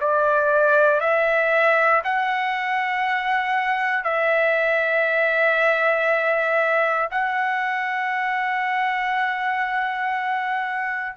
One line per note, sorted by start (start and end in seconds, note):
0.00 1.00 D5
1.00 2.02 E5
2.03 4.04 F#5
4.04 7.09 E5
7.10 11.16 F#5